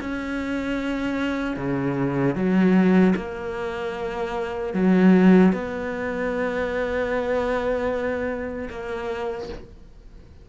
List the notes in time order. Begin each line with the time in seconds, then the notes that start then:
0.00 C#4
1.56 C#3
2.35 F#3
3.16 A#3
4.74 F#3
5.52 B3
8.69 A#3